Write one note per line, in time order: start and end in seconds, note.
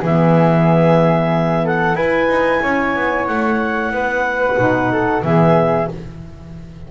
0.00 1.96 E3
0.00 1.97 B3
0.00 1.63 G#4
0.00 1.67 E5
1.65 1.96 A4
1.65 1.96 F#5
1.96 2.28 E4
1.96 4.57 E4
1.96 2.62 B4
1.96 3.26 G#5
2.29 2.62 D#4
2.63 2.96 C#4
2.63 3.93 C#5
2.96 3.29 B3
3.27 3.92 A3
3.27 5.23 F#5
3.92 4.57 B3
3.92 4.92 B4
4.57 5.23 B2
4.57 5.22 D#4
4.92 5.25 A4
5.23 5.88 E3
5.23 5.88 B3
5.23 5.91 G#4
5.23 5.89 E5